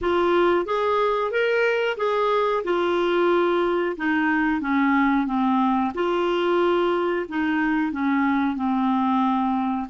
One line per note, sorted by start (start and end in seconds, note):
0.01 0.65 F4
0.65 1.31 G#4
1.31 1.97 A#4
1.97 2.63 G#4
2.64 3.96 F4
3.97 4.60 D#4
4.60 5.26 C#4
5.26 5.92 C4
5.94 7.26 F4
7.29 7.92 D#4
7.92 8.55 C#4
8.55 9.87 C4